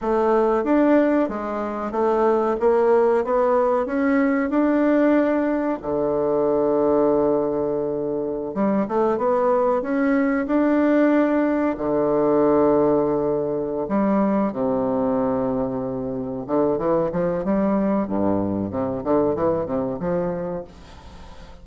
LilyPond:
\new Staff \with { instrumentName = "bassoon" } { \time 4/4 \tempo 4 = 93 a4 d'4 gis4 a4 | ais4 b4 cis'4 d'4~ | d'4 d2.~ | d4~ d16 g8 a8 b4 cis'8.~ |
cis'16 d'2 d4.~ d16~ | d4. g4 c4.~ | c4. d8 e8 f8 g4 | g,4 c8 d8 e8 c8 f4 | }